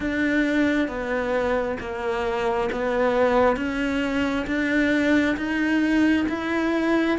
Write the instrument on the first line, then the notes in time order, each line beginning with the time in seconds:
cello
0.00 D4
0.88 B3
1.80 A#3
2.72 B3
3.56 C#4
4.47 D4
5.36 D#4
6.28 E4